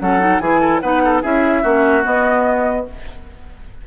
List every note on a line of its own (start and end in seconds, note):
0.00 0.40 F#3
0.00 0.20 C#4
0.00 0.42 A4
0.00 0.39 F#5
0.20 0.40 D#4
0.39 0.81 E3
0.39 0.83 E4
0.39 0.61 G#4
0.39 0.80 G#5
0.61 0.81 A4
0.81 1.23 B3
0.81 1.23 D#4
0.81 1.03 B4
0.81 1.22 F#5
1.05 1.22 A4
1.22 1.64 C#4
1.22 1.64 E4
1.22 1.62 G#4
1.22 2.05 E5
1.62 2.05 A#3
1.62 2.03 C#4
1.62 2.85 F#4
2.03 2.85 B3
2.03 2.87 B3
2.03 2.87 D#5